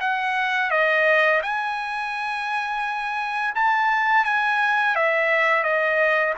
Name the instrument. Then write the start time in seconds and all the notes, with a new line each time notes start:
trumpet
0.00 F#5
0.70 D#5
1.42 G#5
3.55 A5
4.24 G#5
4.95 E5
5.63 D#5